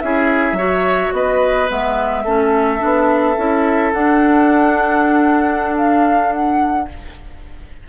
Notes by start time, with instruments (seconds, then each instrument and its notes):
0.00 bassoon C#4, clarinet E4, oboe G#4, flute E5
0.52 bassoon F#3, clarinet F#4, oboe C#5
1.13 bassoon B3, oboe B4, flute D#5
1.68 bassoon G#3, clarinet B3, flute E5
2.24 bassoon A3, clarinet C#4, oboe A4
2.79 bassoon B3, clarinet D4
3.37 bassoon C#4, clarinet E4
3.93 bassoon D4, clarinet D4, flute F#5
5.77 flute F5
6.32 flute F#5